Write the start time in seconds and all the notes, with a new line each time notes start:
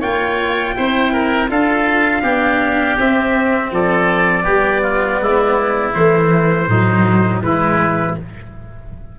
0.00 A#3 F4 C#5 G5
0.76 C4 E4 C5
1.13 A#4
1.48 D4 F4 A4 F5
2.23 B3 D4 G4
2.98 C4 E5
3.71 F3 A4 D5
4.43 G3 B3 G4
4.82 F4
5.20 G#3 E4
5.94 E3 A3 C5
6.67 A2 F#3 D#4
7.41 E3 G#3 E4 B4